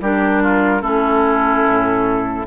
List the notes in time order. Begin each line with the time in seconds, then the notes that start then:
0.00 G3 D4 G4 A#4
0.42 F4
0.81 A3 C#4 E4 A4
1.67 A2